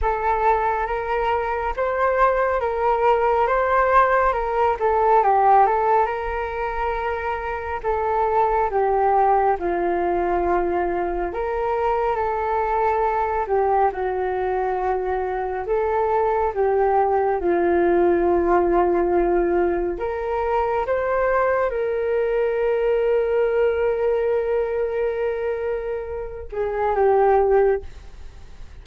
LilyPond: \new Staff \with { instrumentName = "flute" } { \time 4/4 \tempo 4 = 69 a'4 ais'4 c''4 ais'4 | c''4 ais'8 a'8 g'8 a'8 ais'4~ | ais'4 a'4 g'4 f'4~ | f'4 ais'4 a'4. g'8 |
fis'2 a'4 g'4 | f'2. ais'4 | c''4 ais'2.~ | ais'2~ ais'8 gis'8 g'4 | }